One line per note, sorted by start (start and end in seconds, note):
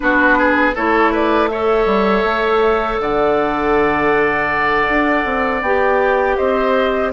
0.00 0.76 B3
0.00 0.73 D4
0.00 0.38 F#4
0.00 0.73 B4
0.38 0.75 G#4
0.75 1.85 A3
0.75 1.50 E4
0.75 1.11 A4
0.75 1.13 C#5
1.11 1.49 B4
1.11 1.47 D5
1.47 5.62 A4
1.47 3.01 C#5
1.47 2.97 E5
1.85 2.23 G3
2.23 2.98 A3
2.99 4.87 D3
2.99 6.36 D5
2.99 5.62 F#5
4.88 5.25 D4
5.25 5.61 C4
5.61 6.36 B3
5.61 7.12 G4
5.61 6.36 G5
6.36 7.12 C4
6.36 7.11 C5
6.36 7.11 D#5